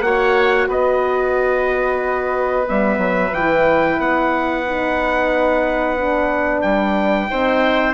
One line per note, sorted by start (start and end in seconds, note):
0.00 0.66 A#3
0.00 2.67 F#4
0.00 0.68 C#5
0.00 0.67 F#5
0.68 2.66 B3
0.68 7.27 B4
0.68 2.68 D#5
2.67 2.98 G3
2.67 3.33 B3
2.67 3.34 E5
2.98 3.31 F#3
3.32 3.98 E3
3.32 4.66 E4
3.32 4.00 G5
3.99 6.62 B3
3.99 6.61 F#5
4.66 5.97 D#4
5.97 7.27 D4
6.61 7.29 G3
6.61 7.93 G5
7.27 7.94 C4
7.27 7.93 D#4
7.27 7.94 C5